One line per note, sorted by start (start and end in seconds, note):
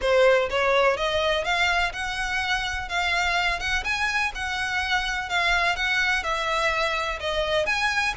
0.01 0.49 C5
0.50 0.96 C#5
0.96 1.44 D#5
1.44 1.92 F5
1.92 2.88 F#5
2.88 3.59 F5
3.59 3.83 F#5
3.84 4.32 G#5
4.35 5.29 F#5
5.29 5.76 F5
5.76 6.23 F#5
6.23 7.19 E5
7.20 7.66 D#5
7.66 8.14 G#5